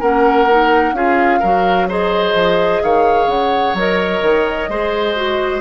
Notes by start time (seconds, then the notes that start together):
0.00 A#3 C#4 A#4 F#5
0.50 D#4
0.93 C#4 F4 G#4 F5
1.40 F#3 F#4 A#4
1.89 G#4 C5 D#5
2.34 F3
2.83 D#3 C#5 F5
3.26 C#3 F#5
3.74 F#3 A#4 D#5
4.22 D#3
4.69 G#3 G#4 C5
5.15 F#4